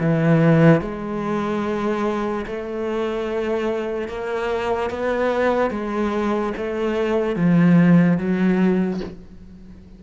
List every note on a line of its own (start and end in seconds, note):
0.00 0.81 E3
0.81 2.46 G#3
2.47 4.09 A3
4.09 4.91 A#3
4.91 5.71 B3
5.71 6.53 G#3
6.58 7.36 A3
7.36 8.18 F3
8.18 9.00 F#3